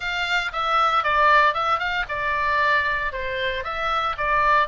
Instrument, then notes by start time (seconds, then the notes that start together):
oboe
0.00 F5
0.52 E5
1.03 D5
1.54 E5
1.79 F5
2.08 D5
3.12 C5
3.64 E5
4.17 D5